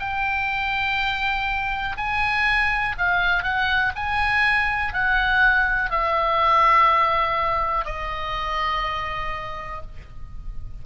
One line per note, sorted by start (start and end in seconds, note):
0.00 1.97 G5
1.97 2.96 G#5
2.98 3.43 F5
3.43 3.93 F#5
3.96 4.93 G#5
4.93 5.91 F#5
5.91 7.86 E5
7.86 9.82 D#5